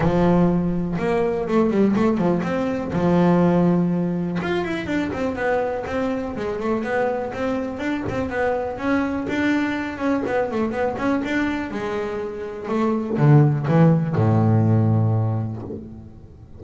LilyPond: \new Staff \with { instrumentName = "double bass" } { \time 4/4 \tempo 4 = 123 f2 ais4 a8 g8 | a8 f8 c'4 f2~ | f4 f'8 e'8 d'8 c'8 b4 | c'4 gis8 a8 b4 c'4 |
d'8 c'8 b4 cis'4 d'4~ | d'8 cis'8 b8 a8 b8 cis'8 d'4 | gis2 a4 d4 | e4 a,2. | }